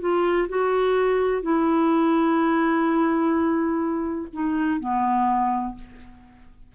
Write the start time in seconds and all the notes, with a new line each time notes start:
0.00 F4
0.48 F#4
1.42 E4
4.32 D#4
4.80 B3